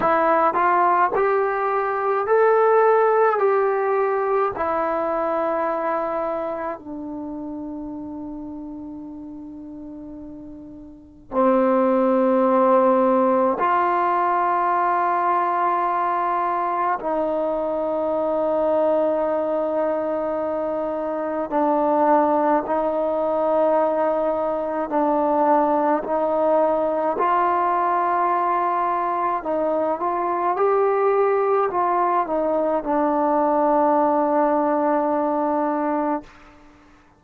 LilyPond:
\new Staff \with { instrumentName = "trombone" } { \time 4/4 \tempo 4 = 53 e'8 f'8 g'4 a'4 g'4 | e'2 d'2~ | d'2 c'2 | f'2. dis'4~ |
dis'2. d'4 | dis'2 d'4 dis'4 | f'2 dis'8 f'8 g'4 | f'8 dis'8 d'2. | }